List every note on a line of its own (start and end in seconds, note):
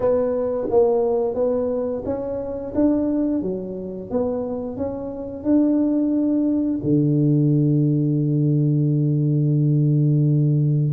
0.00 0.68 B3
0.69 1.34 A#3
1.34 2.02 B3
2.05 2.73 C#4
2.74 3.42 D4
3.42 4.10 F#3
4.10 4.76 B3
4.76 5.43 C#4
5.43 6.80 D4
6.83 10.92 D3